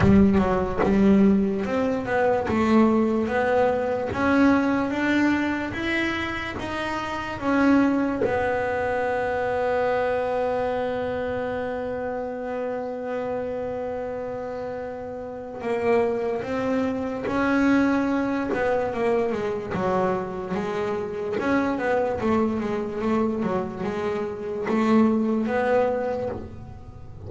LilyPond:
\new Staff \with { instrumentName = "double bass" } { \time 4/4 \tempo 4 = 73 g8 fis8 g4 c'8 b8 a4 | b4 cis'4 d'4 e'4 | dis'4 cis'4 b2~ | b1~ |
b2. ais4 | c'4 cis'4. b8 ais8 gis8 | fis4 gis4 cis'8 b8 a8 gis8 | a8 fis8 gis4 a4 b4 | }